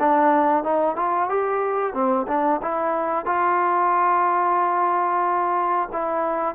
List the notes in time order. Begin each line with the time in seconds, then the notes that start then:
0.00 D4
0.64 D#4
0.97 F4
1.29 G4
1.94 C4
2.28 D4
2.62 E4
3.26 F4
5.93 E4